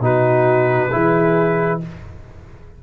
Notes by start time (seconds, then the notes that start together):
0.00 B2 D#4 F#4 B4
0.92 E3 E4 G#4